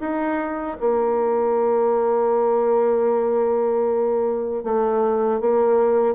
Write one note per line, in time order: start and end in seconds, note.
0.00 0.77 D#4
0.80 4.63 A#3
4.63 5.40 A3
5.40 6.15 A#3